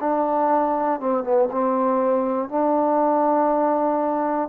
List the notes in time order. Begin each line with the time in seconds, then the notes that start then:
0.00 D4
1.00 C4
1.23 B3
1.51 C4
2.48 D4